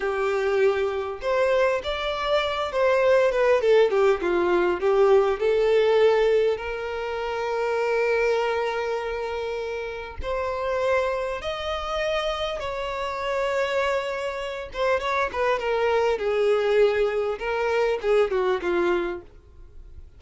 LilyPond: \new Staff \with { instrumentName = "violin" } { \time 4/4 \tempo 4 = 100 g'2 c''4 d''4~ | d''8 c''4 b'8 a'8 g'8 f'4 | g'4 a'2 ais'4~ | ais'1~ |
ais'4 c''2 dis''4~ | dis''4 cis''2.~ | cis''8 c''8 cis''8 b'8 ais'4 gis'4~ | gis'4 ais'4 gis'8 fis'8 f'4 | }